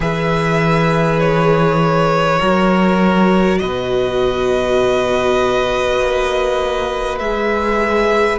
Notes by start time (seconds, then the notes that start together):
0.00 E3 G#4 B4 E5
1.19 C#5
2.39 F#3 F#4 A#4
3.58 B2 B4 D#5
6.00 A#3
7.19 G#3 G#4 E5